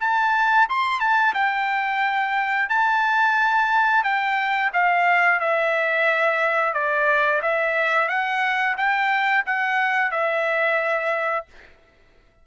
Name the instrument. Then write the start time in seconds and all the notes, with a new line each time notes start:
trumpet
0.00 A5
0.69 C6
1.00 A5
1.34 G5
2.69 A5
4.03 G5
4.73 F5
5.40 E5
6.74 D5
7.42 E5
8.08 F#5
8.77 G5
9.46 F#5
10.11 E5